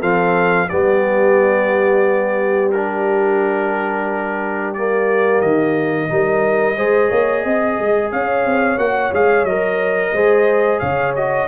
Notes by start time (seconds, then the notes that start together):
0.00 F3 C4 A4 F5
0.69 G3 B3 G4 D5
2.72 D4 A#4
4.74 A#3 D5
5.41 D#3 D#5
6.09 G3 D#4 A#4
6.77 G#3 G#4 C5
7.10 A#3 C#5
7.42 C4 D#5
7.79 G#3
8.12 C#4 C#5 F5
8.46 C4
8.78 A#3 F#4 F#5
9.13 G#3 G#4 F5
9.44 F#3 A#4 D#5
10.13 G#3 G#4 C5
10.80 C#3 C#5 F5
11.16 F#4 D#5